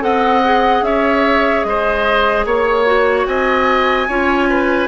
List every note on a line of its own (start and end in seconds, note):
0.00 0.81 C4
0.00 0.41 A4
0.00 0.85 D#5
0.00 0.84 F#5
0.44 2.86 G#4
0.81 1.62 C#4
0.81 1.66 C#5
0.81 1.63 E5
1.63 2.45 G#3
1.63 2.46 C5
1.63 2.44 D#5
2.45 3.26 A#3
2.45 3.27 C#5
2.86 4.07 F#4
3.26 4.07 C4
3.26 4.08 D#5
3.26 4.88 G#5
4.08 4.88 C#4
4.08 4.88 F4
4.08 4.48 C#5
4.49 4.88 B4